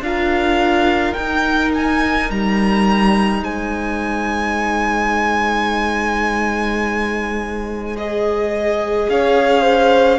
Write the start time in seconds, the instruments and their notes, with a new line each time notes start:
0.00 cello D4, viola F4, violin A#4 F5
1.13 cello D#4, viola D#4, violin G5
1.74 violin G#5
2.30 cello G3, violin A#5
3.42 cello G#3, violin C5 G#5
7.96 viola G#4, violin D#5
9.09 cello C#4, violin C#5 F5
9.61 violin C5